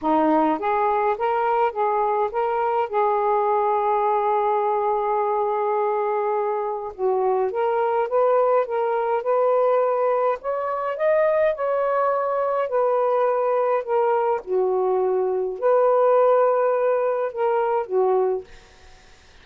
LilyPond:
\new Staff \with { instrumentName = "saxophone" } { \time 4/4 \tempo 4 = 104 dis'4 gis'4 ais'4 gis'4 | ais'4 gis'2.~ | gis'1 | fis'4 ais'4 b'4 ais'4 |
b'2 cis''4 dis''4 | cis''2 b'2 | ais'4 fis'2 b'4~ | b'2 ais'4 fis'4 | }